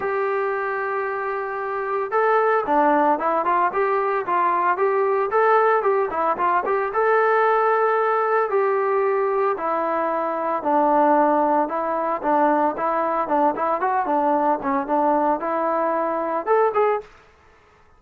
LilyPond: \new Staff \with { instrumentName = "trombone" } { \time 4/4 \tempo 4 = 113 g'1 | a'4 d'4 e'8 f'8 g'4 | f'4 g'4 a'4 g'8 e'8 | f'8 g'8 a'2. |
g'2 e'2 | d'2 e'4 d'4 | e'4 d'8 e'8 fis'8 d'4 cis'8 | d'4 e'2 a'8 gis'8 | }